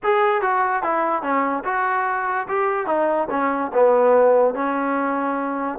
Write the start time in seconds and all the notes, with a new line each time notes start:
0.03 G#4
0.41 F#4
0.82 E4
1.22 C#4
1.64 F#4
2.48 G4
2.86 D#4
3.30 C#4
3.73 B3
4.54 C#4